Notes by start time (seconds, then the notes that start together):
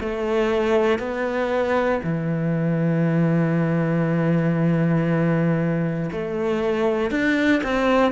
0.00 A3
0.99 B3
2.03 E3
6.12 A3
7.11 D4
7.63 C4